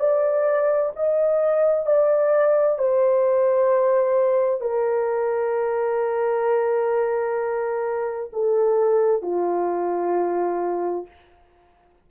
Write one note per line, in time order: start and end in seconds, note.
0.00 0.92 D5
0.97 1.86 D#5
1.86 2.79 D5
2.79 4.61 C5
4.61 8.30 A#4
8.33 9.22 A4
9.22 11.07 F4